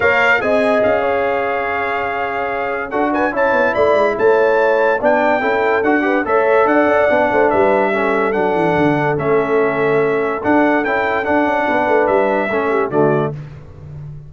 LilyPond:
<<
  \new Staff \with { instrumentName = "trumpet" } { \time 4/4 \tempo 4 = 144 f''4 gis''4 f''2~ | f''2. fis''8 gis''8 | a''4 b''4 a''2 | g''2 fis''4 e''4 |
fis''2 e''2 | fis''2 e''2~ | e''4 fis''4 g''4 fis''4~ | fis''4 e''2 d''4 | }
  \new Staff \with { instrumentName = "horn" } { \time 4/4 cis''4 dis''4. cis''4.~ | cis''2. a'8 b'8 | cis''4 d''4 cis''2 | d''4 a'4. b'8 cis''4 |
d''4. c''8 b'4 a'4~ | a'1~ | a'1 | b'2 a'8 g'8 fis'4 | }
  \new Staff \with { instrumentName = "trombone" } { \time 4/4 ais'4 gis'2.~ | gis'2. fis'4 | e'1 | d'4 e'4 fis'8 g'8 a'4~ |
a'4 d'2 cis'4 | d'2 cis'2~ | cis'4 d'4 e'4 d'4~ | d'2 cis'4 a4 | }
  \new Staff \with { instrumentName = "tuba" } { \time 4/4 ais4 c'4 cis'2~ | cis'2. d'4 | cis'8 b8 a8 gis8 a2 | b4 cis'4 d'4 a4 |
d'8 cis'8 b8 a8 g2 | fis8 e8 d4 a2~ | a4 d'4 cis'4 d'8 cis'8 | b8 a8 g4 a4 d4 | }
>>